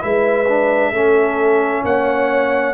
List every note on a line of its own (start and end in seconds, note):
0.00 0.92 G#3
0.00 0.45 E4
0.00 0.93 B4
0.00 1.84 E5
0.48 0.94 D4
0.92 1.83 A3
0.92 2.74 C#4
0.92 1.84 A4
1.84 2.74 A#3
1.84 2.74 C#5
1.84 2.74 F#5